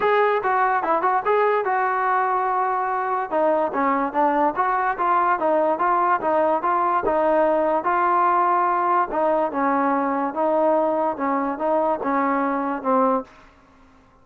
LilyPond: \new Staff \with { instrumentName = "trombone" } { \time 4/4 \tempo 4 = 145 gis'4 fis'4 e'8 fis'8 gis'4 | fis'1 | dis'4 cis'4 d'4 fis'4 | f'4 dis'4 f'4 dis'4 |
f'4 dis'2 f'4~ | f'2 dis'4 cis'4~ | cis'4 dis'2 cis'4 | dis'4 cis'2 c'4 | }